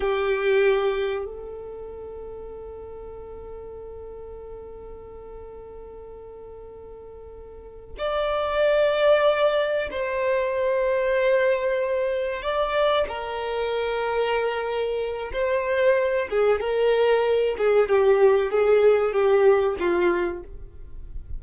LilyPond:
\new Staff \with { instrumentName = "violin" } { \time 4/4 \tempo 4 = 94 g'2 a'2~ | a'1~ | a'1~ | a'8 d''2. c''8~ |
c''2.~ c''8 d''8~ | d''8 ais'2.~ ais'8 | c''4. gis'8 ais'4. gis'8 | g'4 gis'4 g'4 f'4 | }